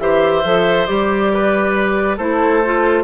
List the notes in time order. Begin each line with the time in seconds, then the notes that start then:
0.00 E3 G4 C5 E5
0.45 F3 A4
0.87 G3 G4 D5
1.34 B4
2.17 A3 E4 A4 C5
2.65 F4